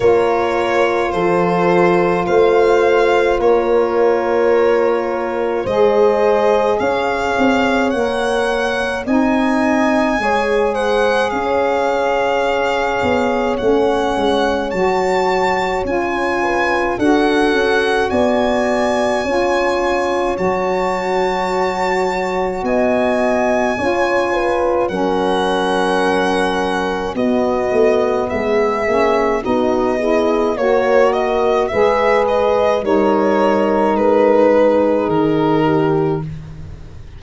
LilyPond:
<<
  \new Staff \with { instrumentName = "violin" } { \time 4/4 \tempo 4 = 53 cis''4 c''4 f''4 cis''4~ | cis''4 dis''4 f''4 fis''4 | gis''4. fis''8 f''2 | fis''4 a''4 gis''4 fis''4 |
gis''2 a''2 | gis''2 fis''2 | dis''4 e''4 dis''4 cis''8 dis''8 | e''8 dis''8 cis''4 b'4 ais'4 | }
  \new Staff \with { instrumentName = "horn" } { \time 4/4 ais'4 a'4 c''4 ais'4~ | ais'4 c''4 cis''2 | dis''4 cis''8 c''8 cis''2~ | cis''2~ cis''8 b'8 a'4 |
d''4 cis''2. | dis''4 cis''8 b'8 ais'2 | fis'4 gis'4 fis'8 gis'8 ais'4 | b'4 ais'4. gis'4 g'8 | }
  \new Staff \with { instrumentName = "saxophone" } { \time 4/4 f'1~ | f'4 gis'2 ais'4 | dis'4 gis'2. | cis'4 fis'4 f'4 fis'4~ |
fis'4 f'4 fis'2~ | fis'4 f'4 cis'2 | b4. cis'8 dis'8 e'8 fis'4 | gis'4 dis'2. | }
  \new Staff \with { instrumentName = "tuba" } { \time 4/4 ais4 f4 a4 ais4~ | ais4 gis4 cis'8 c'8 ais4 | c'4 gis4 cis'4. b8 | a8 gis8 fis4 cis'4 d'8 cis'8 |
b4 cis'4 fis2 | b4 cis'4 fis2 | b8 a8 gis8 ais8 b4 ais4 | gis4 g4 gis4 dis4 | }
>>